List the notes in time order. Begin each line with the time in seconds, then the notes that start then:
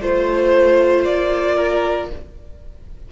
0.00 A3 F4 C5
1.04 A#3 D5
1.55 A#4